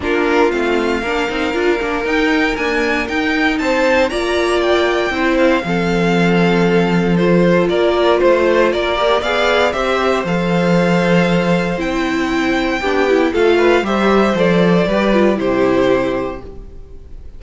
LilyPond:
<<
  \new Staff \with { instrumentName = "violin" } { \time 4/4 \tempo 4 = 117 ais'4 f''2. | g''4 gis''4 g''4 a''4 | ais''4 g''4. f''4.~ | f''2 c''4 d''4 |
c''4 d''4 f''4 e''4 | f''2. g''4~ | g''2 f''4 e''4 | d''2 c''2 | }
  \new Staff \with { instrumentName = "violin" } { \time 4/4 f'2 ais'2~ | ais'2. c''4 | d''2 c''4 a'4~ | a'2. ais'4 |
c''4 ais'4 d''4 c''4~ | c''1~ | c''4 g'4 a'8 b'8 c''4~ | c''4 b'4 g'2 | }
  \new Staff \with { instrumentName = "viola" } { \time 4/4 d'4 c'4 d'8 dis'8 f'8 d'8 | dis'4 ais4 dis'2 | f'2 e'4 c'4~ | c'2 f'2~ |
f'4. g'8 gis'4 g'4 | a'2. e'4~ | e'4 d'8 e'8 f'4 g'4 | a'4 g'8 f'8 e'2 | }
  \new Staff \with { instrumentName = "cello" } { \time 4/4 ais4 a4 ais8 c'8 d'8 ais8 | dis'4 d'4 dis'4 c'4 | ais2 c'4 f4~ | f2. ais4 |
a4 ais4 b4 c'4 | f2. c'4~ | c'4 b4 a4 g4 | f4 g4 c2 | }
>>